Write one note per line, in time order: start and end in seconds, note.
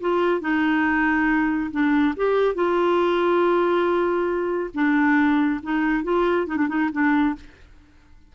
0.00 0.40 F4
0.40 1.70 D#4
1.71 2.14 D4
2.16 2.54 G4
2.54 4.70 F4
4.74 5.60 D4
5.63 6.03 D#4
6.03 6.46 F4
6.47 6.56 D#4
6.56 6.67 D4
6.68 6.90 D#4
6.92 7.35 D4